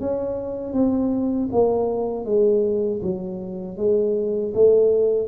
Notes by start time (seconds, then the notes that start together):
0.00 C#4
0.73 C4
1.52 A#3
2.25 G#3
3.02 F#3
3.77 G#3
4.54 A3